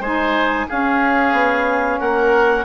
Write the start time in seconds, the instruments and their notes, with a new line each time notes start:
0.00 bassoon G#3, saxophone D#4, oboe C5, clarinet G#5
0.68 saxophone C#4, bassoon C#4, oboe G#4, clarinet F5
1.32 bassoon B3
2.00 bassoon A#3, oboe A#4, clarinet F#5